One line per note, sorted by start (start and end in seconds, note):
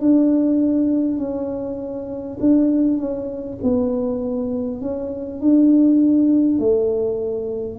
0.00 1.18 D4
1.18 2.38 C#4
2.40 2.97 D4
2.97 3.57 C#4
3.63 4.81 B3
4.81 5.40 C#4
5.40 6.58 D4
6.58 7.78 A3